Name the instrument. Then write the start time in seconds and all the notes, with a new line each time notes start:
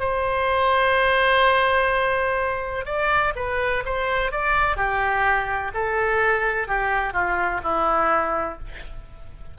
oboe
0.00 C5
2.86 D5
3.36 B4
3.86 C5
4.32 D5
4.77 G4
5.74 A4
6.68 G4
7.14 F4
7.64 E4